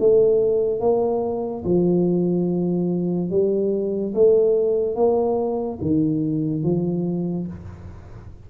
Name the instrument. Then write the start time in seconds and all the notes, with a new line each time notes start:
tuba
0.00 A3
0.81 A#3
1.65 F3
3.30 G3
4.15 A3
4.96 A#3
5.82 D#3
6.64 F3